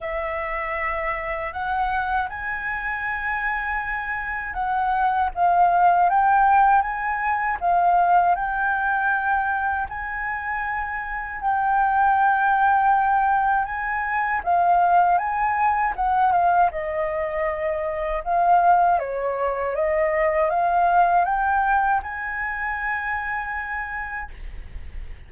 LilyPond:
\new Staff \with { instrumentName = "flute" } { \time 4/4 \tempo 4 = 79 e''2 fis''4 gis''4~ | gis''2 fis''4 f''4 | g''4 gis''4 f''4 g''4~ | g''4 gis''2 g''4~ |
g''2 gis''4 f''4 | gis''4 fis''8 f''8 dis''2 | f''4 cis''4 dis''4 f''4 | g''4 gis''2. | }